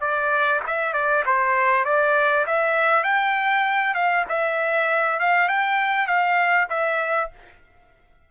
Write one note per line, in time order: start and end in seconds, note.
0.00 0.61 D5
0.66 0.93 E5
0.93 1.23 D5
1.25 1.85 C5
1.85 2.45 D5
2.46 3.03 E5
3.03 3.94 G5
3.94 4.25 F5
4.28 5.19 E5
5.19 5.48 F5
5.48 6.07 G5
6.07 6.67 F5
6.69 7.30 E5